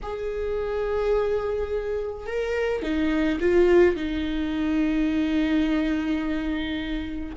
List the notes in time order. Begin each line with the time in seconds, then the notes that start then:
0.02 G#4
2.26 A#4
2.82 D#4
3.40 F4
3.96 D#4